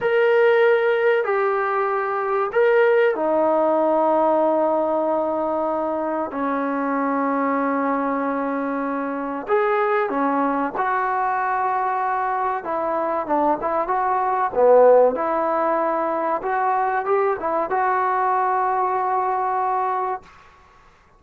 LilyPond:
\new Staff \with { instrumentName = "trombone" } { \time 4/4 \tempo 4 = 95 ais'2 g'2 | ais'4 dis'2.~ | dis'2 cis'2~ | cis'2. gis'4 |
cis'4 fis'2. | e'4 d'8 e'8 fis'4 b4 | e'2 fis'4 g'8 e'8 | fis'1 | }